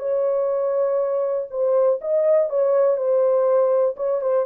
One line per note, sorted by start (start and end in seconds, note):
0.00 1.48 C#5
1.51 2.00 C5
2.02 2.50 D#5
2.50 2.98 C#5
2.98 3.96 C5
3.97 4.22 C#5
4.22 4.46 C5